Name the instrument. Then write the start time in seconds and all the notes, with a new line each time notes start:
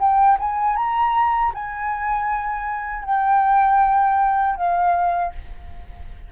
flute
0.00 G5
0.40 G#5
0.76 A#5
1.54 G#5
3.05 G5
4.56 F5